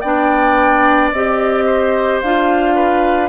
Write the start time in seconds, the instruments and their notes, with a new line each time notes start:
0.00 bassoon B3, clarinet D4, oboe D5, flute G5
1.11 bassoon C4, clarinet G4, flute D#5
1.65 oboe C5
2.20 bassoon D4, clarinet F4, flute F5
2.75 oboe B4